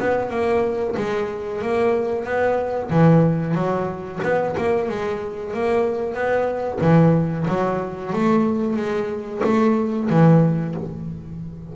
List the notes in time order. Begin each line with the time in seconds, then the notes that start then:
0.00 B3
0.31 A#3
0.97 G#3
1.62 A#3
2.25 B3
2.91 E3
3.55 F#3
4.23 B3
4.58 A#3
4.89 G#3
5.54 A#3
6.15 B3
6.81 E3
7.48 F#3
8.13 A3
8.77 G#3
9.44 A3
10.10 E3